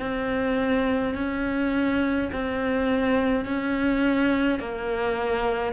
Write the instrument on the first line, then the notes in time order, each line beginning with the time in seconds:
cello
0.00 C4
1.15 C#4
2.33 C4
3.46 C#4
4.60 A#3